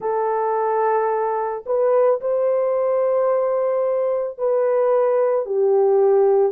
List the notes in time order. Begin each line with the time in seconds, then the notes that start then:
0.00 A4
1.66 B4
2.21 C5
4.38 B4
5.45 G4